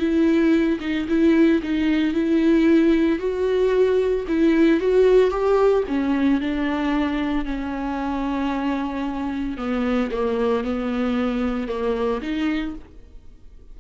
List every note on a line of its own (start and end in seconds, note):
0.00 0.80 E4
0.81 1.07 D#4
1.09 1.62 E4
1.63 2.14 D#4
2.14 3.20 E4
3.20 4.26 F#4
4.28 4.81 E4
4.81 5.31 F#4
5.31 5.84 G4
5.88 6.41 C#4
6.41 7.45 D4
7.45 9.58 C#4
9.58 10.11 B3
10.12 10.64 A#3
10.64 11.68 B3
11.68 12.21 A#3
12.22 12.75 D#4